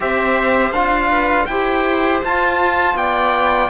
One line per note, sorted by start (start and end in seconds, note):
0.00 0.71 C4
0.00 0.73 G4
0.00 1.09 C5
0.00 0.72 E5
0.71 1.45 D4
0.71 1.49 F4
0.71 1.46 F5
1.09 1.46 B4
1.46 2.22 E4
1.46 2.23 G4
1.46 2.97 C5
1.46 2.20 G5
2.24 2.94 F4
2.24 3.69 F4
2.24 2.97 A5
2.94 3.68 B3
2.94 3.69 D5
2.94 3.69 G5